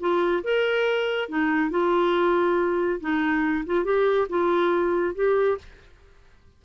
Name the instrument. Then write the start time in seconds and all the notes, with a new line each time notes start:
clarinet
0.00 F4
0.44 A#4
1.29 D#4
1.71 F4
3.00 D#4
3.66 F4
3.84 G4
4.29 F4
5.15 G4